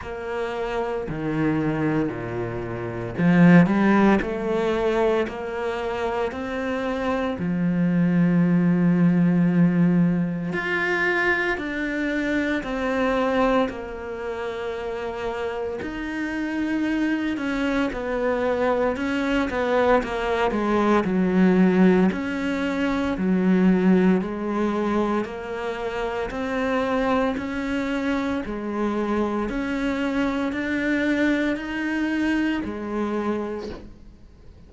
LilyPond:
\new Staff \with { instrumentName = "cello" } { \time 4/4 \tempo 4 = 57 ais4 dis4 ais,4 f8 g8 | a4 ais4 c'4 f4~ | f2 f'4 d'4 | c'4 ais2 dis'4~ |
dis'8 cis'8 b4 cis'8 b8 ais8 gis8 | fis4 cis'4 fis4 gis4 | ais4 c'4 cis'4 gis4 | cis'4 d'4 dis'4 gis4 | }